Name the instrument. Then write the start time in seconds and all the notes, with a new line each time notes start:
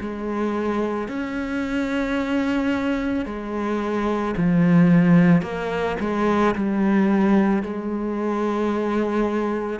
cello
0.00 G#3
1.08 C#4
3.26 G#3
4.37 F3
5.42 A#3
6.00 G#3
6.56 G3
7.63 G#3